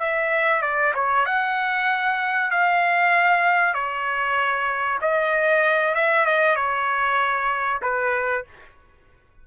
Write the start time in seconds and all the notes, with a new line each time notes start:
0.00 E5
0.62 D5
0.95 C#5
1.26 F#5
2.51 F5
3.74 C#5
5.01 D#5
5.95 E5
6.26 D#5
6.56 C#5
7.82 B4